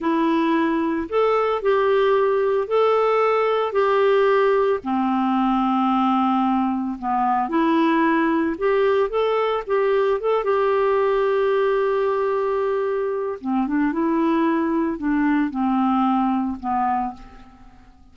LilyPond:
\new Staff \with { instrumentName = "clarinet" } { \time 4/4 \tempo 4 = 112 e'2 a'4 g'4~ | g'4 a'2 g'4~ | g'4 c'2.~ | c'4 b4 e'2 |
g'4 a'4 g'4 a'8 g'8~ | g'1~ | g'4 c'8 d'8 e'2 | d'4 c'2 b4 | }